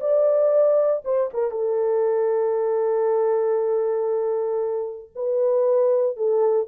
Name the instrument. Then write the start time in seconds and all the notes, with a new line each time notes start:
horn
0.00 D5
1.04 C5
1.33 A#4
1.51 A4
5.15 B4
6.16 A4